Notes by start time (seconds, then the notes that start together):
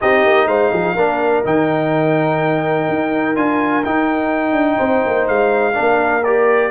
0.01 C4 D#4 G4 D#5
0.24 A#3
0.47 G#3 C5 F5
0.72 F3 G#4
0.93 A#3 D4 A#4
1.44 D#3 D#4 G5
2.88 D#4
3.35 D4 F4 G#5
3.84 D#4 G5
4.52 D4
4.76 C4 C5
5.05 A#3
5.27 G#3 F5
5.73 A#3 D4 A#4
6.23 G4 D5